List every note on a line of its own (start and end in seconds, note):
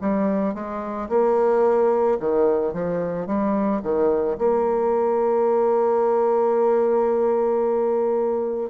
0.00 0.54 G3
0.54 1.08 G#3
1.09 2.18 A#3
2.20 2.73 D#3
2.73 3.26 F3
3.26 3.81 G3
3.82 4.36 D#3
4.38 8.69 A#3